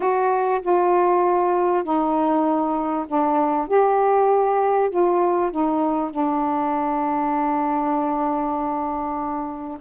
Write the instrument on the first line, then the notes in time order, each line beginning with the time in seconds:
saxophone
0.00 F#4
0.61 F4
1.83 D#4
3.08 D4
3.67 G4
4.90 F4
5.51 D#4
6.10 D4